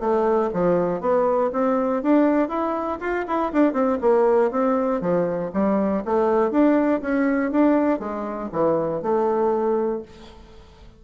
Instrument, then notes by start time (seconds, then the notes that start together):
bassoon
0.00 A3
0.53 F3
1.01 B3
1.53 C4
2.03 D4
2.49 E4
3.00 F4
3.27 E4
3.53 D4
3.73 C4
4.01 A#3
4.51 C4
5.01 F3
5.54 G3
6.05 A3
6.51 D4
7.02 C#4
7.52 D4
7.99 G#3
8.52 E3
9.03 A3